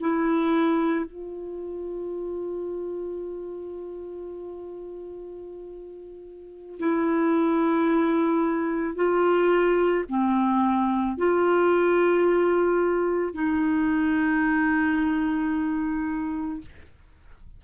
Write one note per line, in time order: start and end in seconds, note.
0.00 1.05 E4
1.05 6.78 F4
6.79 8.96 E4
8.96 10.05 F4
10.09 11.17 C4
11.17 13.33 F4
13.33 16.61 D#4